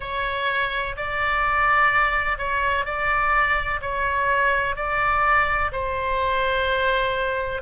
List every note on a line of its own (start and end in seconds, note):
0.00 0.95 C#5
0.96 2.38 D5
2.38 2.85 C#5
2.85 3.80 D5
3.81 4.76 C#5
4.76 5.71 D5
5.71 7.62 C5